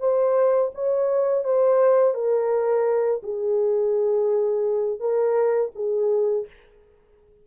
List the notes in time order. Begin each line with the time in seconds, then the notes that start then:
0.00 C5
0.75 C#5
1.44 C5
2.15 A#4
3.23 G#4
5.00 A#4
5.76 G#4